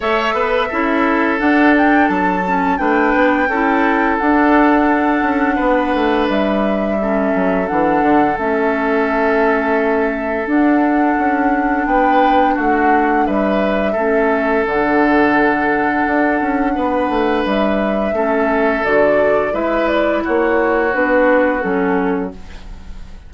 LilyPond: <<
  \new Staff \with { instrumentName = "flute" } { \time 4/4 \tempo 4 = 86 e''2 fis''8 g''8 a''4 | g''2 fis''2~ | fis''4 e''2 fis''4 | e''2. fis''4~ |
fis''4 g''4 fis''4 e''4~ | e''4 fis''2.~ | fis''4 e''2 d''4 | e''8 d''8 cis''4 b'4 a'4 | }
  \new Staff \with { instrumentName = "oboe" } { \time 4/4 cis''8 b'8 a'2. | b'4 a'2. | b'2 a'2~ | a'1~ |
a'4 b'4 fis'4 b'4 | a'1 | b'2 a'2 | b'4 fis'2. | }
  \new Staff \with { instrumentName = "clarinet" } { \time 4/4 a'4 e'4 d'4. cis'8 | d'4 e'4 d'2~ | d'2 cis'4 d'4 | cis'2. d'4~ |
d'1 | cis'4 d'2.~ | d'2 cis'4 fis'4 | e'2 d'4 cis'4 | }
  \new Staff \with { instrumentName = "bassoon" } { \time 4/4 a8 b8 cis'4 d'4 fis4 | a8 b8 cis'4 d'4. cis'8 | b8 a8 g4. fis8 e8 d8 | a2. d'4 |
cis'4 b4 a4 g4 | a4 d2 d'8 cis'8 | b8 a8 g4 a4 d4 | gis4 ais4 b4 fis4 | }
>>